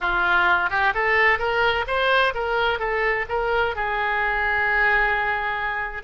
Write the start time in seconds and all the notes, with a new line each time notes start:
0.00 F4
0.70 G4
0.94 A4
1.38 A#4
1.87 C5
2.34 A#4
2.79 A4
3.29 A#4
3.75 G#4